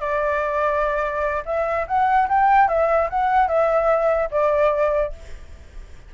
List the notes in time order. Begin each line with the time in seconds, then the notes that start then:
0.00 D5
1.45 E5
1.87 F#5
2.28 G5
2.68 E5
3.10 F#5
3.48 E5
4.31 D5